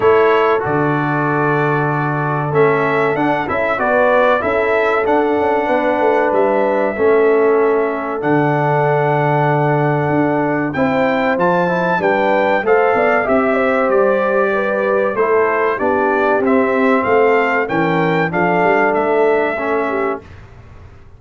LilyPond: <<
  \new Staff \with { instrumentName = "trumpet" } { \time 4/4 \tempo 4 = 95 cis''4 d''2. | e''4 fis''8 e''8 d''4 e''4 | fis''2 e''2~ | e''4 fis''2.~ |
fis''4 g''4 a''4 g''4 | f''4 e''4 d''2 | c''4 d''4 e''4 f''4 | g''4 f''4 e''2 | }
  \new Staff \with { instrumentName = "horn" } { \time 4/4 a'1~ | a'2 b'4 a'4~ | a'4 b'2 a'4~ | a'1~ |
a'4 c''2 b'4 | c''8 d''8 e''8 c''4. b'4 | a'4 g'2 a'4 | ais'4 a'2~ a'8 g'8 | }
  \new Staff \with { instrumentName = "trombone" } { \time 4/4 e'4 fis'2. | cis'4 d'8 e'8 fis'4 e'4 | d'2. cis'4~ | cis'4 d'2.~ |
d'4 e'4 f'8 e'8 d'4 | a'4 g'2. | e'4 d'4 c'2 | cis'4 d'2 cis'4 | }
  \new Staff \with { instrumentName = "tuba" } { \time 4/4 a4 d2. | a4 d'8 cis'8 b4 cis'4 | d'8 cis'8 b8 a8 g4 a4~ | a4 d2. |
d'4 c'4 f4 g4 | a8 b8 c'4 g2 | a4 b4 c'4 a4 | e4 f8 g8 a2 | }
>>